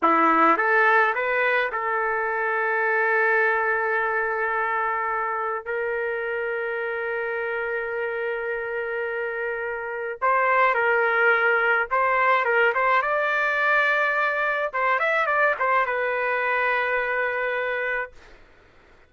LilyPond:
\new Staff \with { instrumentName = "trumpet" } { \time 4/4 \tempo 4 = 106 e'4 a'4 b'4 a'4~ | a'1~ | a'2 ais'2~ | ais'1~ |
ais'2 c''4 ais'4~ | ais'4 c''4 ais'8 c''8 d''4~ | d''2 c''8 e''8 d''8 c''8 | b'1 | }